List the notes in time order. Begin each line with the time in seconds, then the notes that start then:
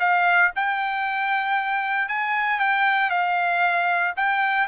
0.00 F5
0.56 G5
2.09 G#5
2.60 G5
3.10 F5
4.17 G5